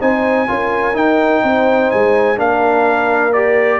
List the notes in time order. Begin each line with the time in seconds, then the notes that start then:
0.00 C4 D#4 C5 G#5
0.47 C#4 F4 A#4
0.93 D#4 G5
1.43 C4 C5
1.90 G#3 G#5
2.36 A#3 D4 A#4 F5
3.32 G4 D5